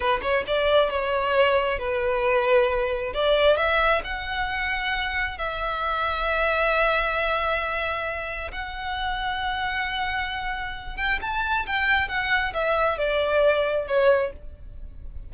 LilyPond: \new Staff \with { instrumentName = "violin" } { \time 4/4 \tempo 4 = 134 b'8 cis''8 d''4 cis''2 | b'2. d''4 | e''4 fis''2. | e''1~ |
e''2. fis''4~ | fis''1~ | fis''8 g''8 a''4 g''4 fis''4 | e''4 d''2 cis''4 | }